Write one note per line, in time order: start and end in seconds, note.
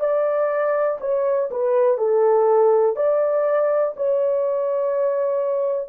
0.00 0.98 D5
1.01 1.50 C#5
1.51 1.98 B4
1.98 2.96 A4
2.96 3.94 D5
3.97 5.89 C#5